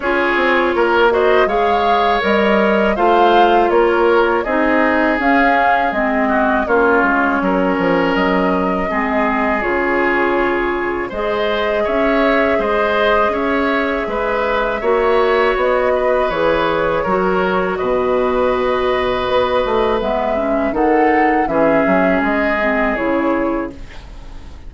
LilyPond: <<
  \new Staff \with { instrumentName = "flute" } { \time 4/4 \tempo 4 = 81 cis''4. dis''8 f''4 dis''4 | f''4 cis''4 dis''4 f''4 | dis''4 cis''2 dis''4~ | dis''4 cis''2 dis''4 |
e''4 dis''4 e''2~ | e''4 dis''4 cis''2 | dis''2. e''4 | fis''4 e''4 dis''4 cis''4 | }
  \new Staff \with { instrumentName = "oboe" } { \time 4/4 gis'4 ais'8 c''8 cis''2 | c''4 ais'4 gis'2~ | gis'8 fis'8 f'4 ais'2 | gis'2. c''4 |
cis''4 c''4 cis''4 b'4 | cis''4. b'4. ais'4 | b'1 | a'4 gis'2. | }
  \new Staff \with { instrumentName = "clarinet" } { \time 4/4 f'4. fis'8 gis'4 ais'4 | f'2 dis'4 cis'4 | c'4 cis'2. | c'4 f'2 gis'4~ |
gis'1 | fis'2 gis'4 fis'4~ | fis'2. b8 cis'8 | dis'4 cis'4. c'8 e'4 | }
  \new Staff \with { instrumentName = "bassoon" } { \time 4/4 cis'8 c'8 ais4 gis4 g4 | a4 ais4 c'4 cis'4 | gis4 ais8 gis8 fis8 f8 fis4 | gis4 cis2 gis4 |
cis'4 gis4 cis'4 gis4 | ais4 b4 e4 fis4 | b,2 b8 a8 gis4 | dis4 e8 fis8 gis4 cis4 | }
>>